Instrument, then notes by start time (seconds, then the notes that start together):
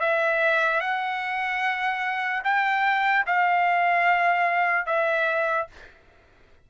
trumpet
0.00 E5
0.80 F#5
2.44 G5
3.27 F5
4.86 E5